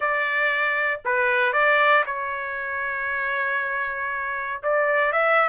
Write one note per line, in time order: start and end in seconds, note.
0.00 1.00 D5
1.04 1.52 B4
1.52 2.04 D5
2.06 4.62 C#5
4.62 5.12 D5
5.12 5.48 E5